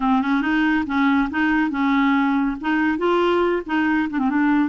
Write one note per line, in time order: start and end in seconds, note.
0.00 0.21 C4
0.21 0.41 C#4
0.41 0.84 D#4
0.86 1.29 C#4
1.30 1.70 D#4
1.70 2.56 C#4
2.60 2.98 D#4
2.98 3.62 F4
3.65 4.08 D#4
4.09 4.19 D4
4.19 4.29 C4
4.29 4.69 D4